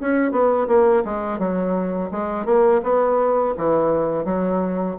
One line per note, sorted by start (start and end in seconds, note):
0.00 0.31 C#4
0.31 0.67 B3
0.67 1.03 A#3
1.05 1.38 G#3
1.38 2.10 F#3
2.11 2.45 G#3
2.45 2.81 A#3
2.83 3.54 B3
3.56 4.24 E3
4.24 4.95 F#3